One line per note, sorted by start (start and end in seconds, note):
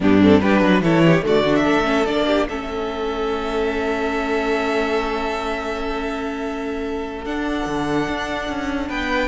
0.00 0.41 G2
0.00 0.21 B3
0.00 0.42 D4
0.00 0.22 G4
0.21 0.42 C4
0.21 0.40 A4
0.40 0.61 G3
0.40 0.83 D4
0.40 0.61 G4
0.40 0.81 B4
0.61 0.81 F#3
0.61 0.82 B4
0.81 1.22 E3
0.81 1.22 E4
0.81 1.04 A4
0.81 1.24 C#5
1.04 1.25 G4
1.22 1.65 D3
1.22 1.43 A3
1.22 1.63 F#4
1.22 1.55 D5
1.44 1.84 D4
1.55 2.05 E5
1.63 2.08 A3
1.63 2.25 A4
1.84 2.04 C#4
2.05 2.49 A#3
2.05 2.49 D4
2.05 2.47 D5
2.26 2.47 G4
2.48 7.25 A3
2.48 7.26 C#4
2.48 8.88 A4
2.48 7.24 E5
7.25 7.66 D4
7.25 9.28 D4
7.25 8.89 F#5
7.66 8.07 D3
8.07 8.48 D4
8.48 8.89 C#4
8.88 9.28 B3
8.88 9.28 B4
8.88 9.28 G5